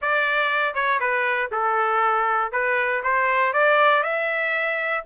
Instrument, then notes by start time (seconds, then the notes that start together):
trumpet
0.01 D5
0.74 C#5
0.99 B4
1.51 A4
2.52 B4
3.03 C5
3.53 D5
4.03 E5